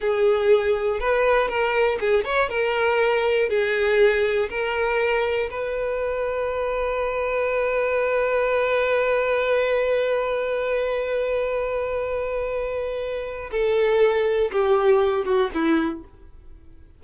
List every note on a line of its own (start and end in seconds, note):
0.00 1.00 G#4
1.00 1.48 B4
1.48 1.98 A#4
2.00 2.24 G#4
2.24 2.49 C#5
2.49 3.49 A#4
3.49 4.49 G#4
4.49 5.49 A#4
5.50 13.50 B4
13.51 14.51 A4
14.51 15.25 G4
15.25 15.50 F#4
15.54 16.04 E4